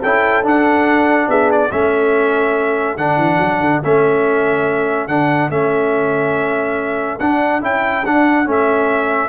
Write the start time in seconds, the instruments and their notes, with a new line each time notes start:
0.00 tuba C#4, trombone E4, horn A4, trumpet G5
0.43 trombone D4, tuba D4, trumpet F#5
1.28 tuba B3, horn G#4, trumpet E5
1.52 trumpet D5
1.71 tuba A3, trombone C#4, horn A4, trumpet E5
2.97 tuba D3, trombone D4, trumpet F#5
3.17 tuba E3
3.39 tuba F#3
3.60 tuba D3
3.84 tuba A3, trombone C#4, trumpet E5
5.08 tuba D3, trombone D4, trumpet F#5
5.50 tuba A3, trombone C#4, trumpet E5
7.19 tuba D4, trombone D4, trumpet F#5
7.61 tuba C#4, trombone E4, trumpet G5
8.05 tuba D4, trombone D4, trumpet F#5
8.45 tuba A3, trombone C#4
8.51 trumpet E5